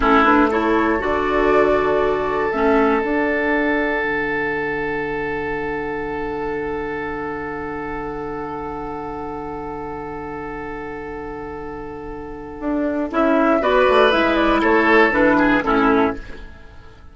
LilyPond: <<
  \new Staff \with { instrumentName = "flute" } { \time 4/4 \tempo 4 = 119 a'8 b'8 cis''4 d''2~ | d''4 e''4 fis''2~ | fis''1~ | fis''1~ |
fis''1~ | fis''1~ | fis''2 e''4 d''4 | e''8 d''8 cis''4 b'4 a'4 | }
  \new Staff \with { instrumentName = "oboe" } { \time 4/4 e'4 a'2.~ | a'1~ | a'1~ | a'1~ |
a'1~ | a'1~ | a'2. b'4~ | b'4 a'4. gis'8 e'4 | }
  \new Staff \with { instrumentName = "clarinet" } { \time 4/4 cis'8 d'8 e'4 fis'2~ | fis'4 cis'4 d'2~ | d'1~ | d'1~ |
d'1~ | d'1~ | d'2 e'4 fis'4 | e'2 d'4 cis'4 | }
  \new Staff \with { instrumentName = "bassoon" } { \time 4/4 a2 d2~ | d4 a4 d'2 | d1~ | d1~ |
d1~ | d1~ | d4 d'4 cis'4 b8 a8 | gis4 a4 e4 a,4 | }
>>